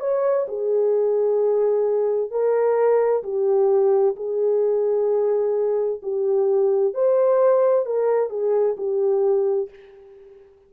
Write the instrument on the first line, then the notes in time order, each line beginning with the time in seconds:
horn
0.00 C#5
0.48 G#4
2.30 A#4
3.23 G4
4.16 G#4
6.02 G4
6.94 C5
7.85 A#4
8.30 G#4
8.77 G4